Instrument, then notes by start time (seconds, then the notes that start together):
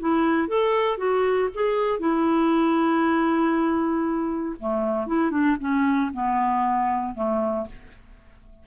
clarinet
0.00 E4
0.48 A4
0.98 F#4
1.55 G#4
2.00 E4
4.60 A3
5.07 E4
5.31 D4
5.60 C#4
6.14 B3
7.15 A3